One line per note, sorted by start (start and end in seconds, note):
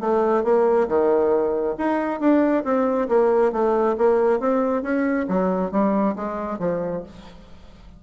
0.00 0.44 A3
0.44 0.87 A#3
0.88 1.76 D#3
1.78 2.20 D#4
2.20 2.64 D4
2.64 3.08 C4
3.08 3.52 A#3
3.52 3.96 A3
3.97 4.39 A#3
4.39 4.82 C4
4.82 5.26 C#4
5.28 5.71 F#3
5.71 6.15 G3
6.16 6.59 G#3
6.59 7.03 F3